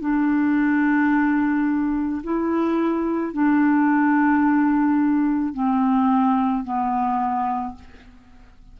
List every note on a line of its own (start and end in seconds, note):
0.00 2.22 D4
2.23 3.33 E4
3.33 5.53 D4
5.53 6.64 C4
6.64 7.75 B3